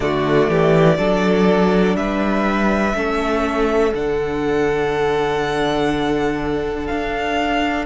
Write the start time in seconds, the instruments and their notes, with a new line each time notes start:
0.00 cello D3, viola A3, violin F#4 D5
0.48 cello E3, violin G4
0.98 cello F#3, viola D4, violin A4
1.95 cello G3, violin B4 E5
2.93 cello A3, viola C#4, violin A4
3.93 cello D3, viola D4, violin F#5
6.86 cello D4, violin F5